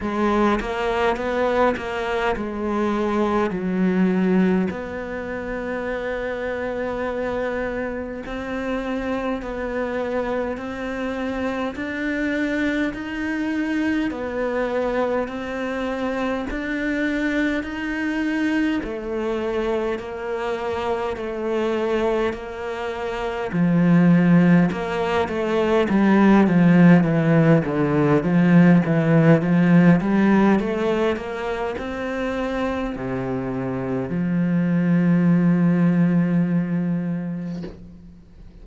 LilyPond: \new Staff \with { instrumentName = "cello" } { \time 4/4 \tempo 4 = 51 gis8 ais8 b8 ais8 gis4 fis4 | b2. c'4 | b4 c'4 d'4 dis'4 | b4 c'4 d'4 dis'4 |
a4 ais4 a4 ais4 | f4 ais8 a8 g8 f8 e8 d8 | f8 e8 f8 g8 a8 ais8 c'4 | c4 f2. | }